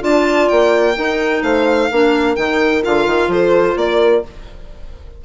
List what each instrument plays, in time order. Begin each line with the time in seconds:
0.00 bassoon D4, clarinet F4, horn D5, violin A5
0.49 bassoon A#3, violin G5
0.96 clarinet D#4, bassoon D#4, horn A#4
1.43 bassoon A3, horn C5, violin F5
1.91 bassoon A#3, clarinet D4, horn A#4
2.36 bassoon D#3, clarinet D#4, violin G5
2.83 bassoon D3, clarinet F4, violin F5
3.07 bassoon D#3
3.28 bassoon F3, horn A4, violin C5
3.76 bassoon A#3, horn A#4, violin D5